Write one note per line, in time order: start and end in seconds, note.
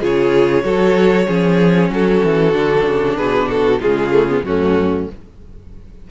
0.00 0.64 C#3
0.00 0.63 F4
0.00 0.64 G#4
0.00 1.93 C#5
0.64 1.27 F#3
0.64 1.27 F#4
0.64 1.27 A4
1.27 1.90 F3
1.27 2.53 C#4
1.27 1.90 G#4
1.90 2.22 F#3
1.90 3.17 F#4
1.90 3.17 A4
2.24 2.54 E3
2.53 2.86 D3
2.53 3.79 D4
2.87 3.18 C#3
3.17 3.81 B2
3.17 3.48 G#4
3.17 3.49 B4
3.48 3.79 F#4
3.48 3.81 A4
3.80 4.44 C#3
3.80 4.12 G#3
3.80 4.43 F4
3.80 4.45 G#4
4.12 4.28 A3
4.29 4.44 B3
4.44 5.07 F#2
4.44 5.10 A3
4.44 5.10 C#4
4.44 5.08 F#4